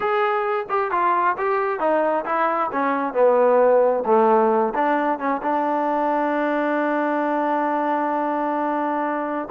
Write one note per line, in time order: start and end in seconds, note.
0.00 0.66 G#4
0.69 0.91 G4
0.91 1.36 F4
1.37 1.79 G4
1.79 2.24 D#4
2.25 2.70 E4
2.72 3.13 C#4
3.13 4.03 B3
4.05 4.73 A3
4.74 5.18 D4
5.18 5.41 C#4
5.42 9.48 D4